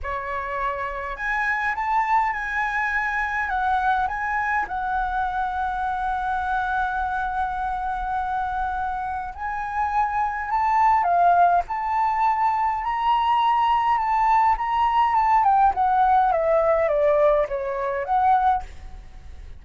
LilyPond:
\new Staff \with { instrumentName = "flute" } { \time 4/4 \tempo 4 = 103 cis''2 gis''4 a''4 | gis''2 fis''4 gis''4 | fis''1~ | fis''1 |
gis''2 a''4 f''4 | a''2 ais''2 | a''4 ais''4 a''8 g''8 fis''4 | e''4 d''4 cis''4 fis''4 | }